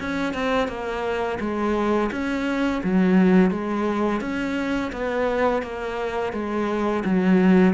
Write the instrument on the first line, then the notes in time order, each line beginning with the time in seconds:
cello
0.00 C#4
0.34 C4
0.68 A#3
1.40 G#3
2.12 C#4
2.84 F#3
3.51 G#3
4.21 C#4
4.93 B3
5.62 A#3
6.33 G#3
7.05 F#3